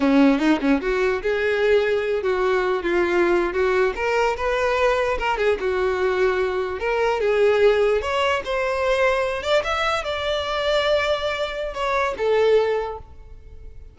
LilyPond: \new Staff \with { instrumentName = "violin" } { \time 4/4 \tempo 4 = 148 cis'4 dis'8 cis'8 fis'4 gis'4~ | gis'4. fis'4. f'4~ | f'8. fis'4 ais'4 b'4~ b'16~ | b'8. ais'8 gis'8 fis'2~ fis'16~ |
fis'8. ais'4 gis'2 cis''16~ | cis''8. c''2~ c''8 d''8 e''16~ | e''8. d''2.~ d''16~ | d''4 cis''4 a'2 | }